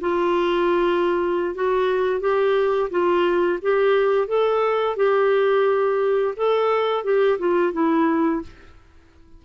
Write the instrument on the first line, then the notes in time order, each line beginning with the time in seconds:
clarinet
0.00 F4
1.54 F#4
2.20 G4
2.90 F4
3.61 G4
4.27 A4
4.96 G4
6.36 A4
7.04 G4
7.38 F4
7.72 E4